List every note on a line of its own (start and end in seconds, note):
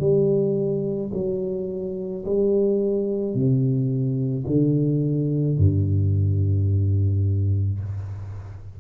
0.00 1.11 G3
1.14 2.25 F#3
2.26 3.34 G3
3.34 4.45 C3
4.47 5.58 D3
5.58 7.80 G2